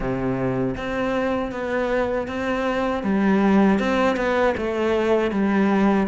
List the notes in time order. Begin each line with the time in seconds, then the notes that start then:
0.00 C3
0.76 C4
1.51 B3
2.27 C4
3.03 G3
3.79 C4
4.16 B3
4.57 A3
5.31 G3